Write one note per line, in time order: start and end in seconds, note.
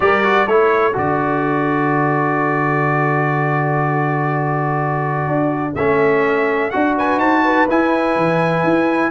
0.00 0.46 G3
0.00 0.23 G4
0.00 0.49 A#4
0.00 0.47 D5
0.23 0.47 F#4
0.46 0.94 A3
0.46 0.93 E4
0.46 6.97 A4
0.46 0.95 C#5
0.93 5.27 D3
0.93 5.73 F#4
0.93 5.75 D5
5.27 5.75 D4
5.75 6.71 A3
5.75 6.72 C#4
5.75 6.70 E5
6.70 7.16 D4
6.70 7.68 F#4
6.70 6.94 F#5
6.97 7.18 B4
6.97 7.19 G#5
7.16 7.64 D#4
7.16 7.42 C5
7.16 7.67 A5
7.44 9.10 B4
7.69 9.10 E4
7.69 8.15 E4
7.69 9.10 G#5
8.15 8.63 E3
8.63 9.10 E4